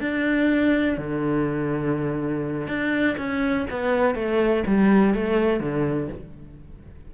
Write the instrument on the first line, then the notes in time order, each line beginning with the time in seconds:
cello
0.00 D4
0.97 D3
2.67 D4
3.17 C#4
3.70 B3
4.14 A3
4.66 G3
5.14 A3
5.60 D3